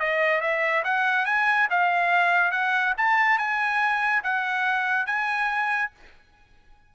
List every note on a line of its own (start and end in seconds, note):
0.00 0.41 D#5
0.41 0.83 E5
0.85 1.26 F#5
1.26 1.68 G#5
1.71 2.52 F5
2.52 2.94 F#5
2.98 3.38 A5
3.38 4.23 G#5
4.24 5.06 F#5
5.06 5.91 G#5